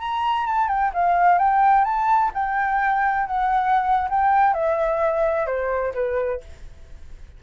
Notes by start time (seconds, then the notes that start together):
0.00 A#5
0.47 A5
0.69 G5
0.94 F5
1.39 G5
1.85 A5
2.35 G5
3.27 F#5
4.10 G5
4.54 E5
5.47 C5
5.94 B4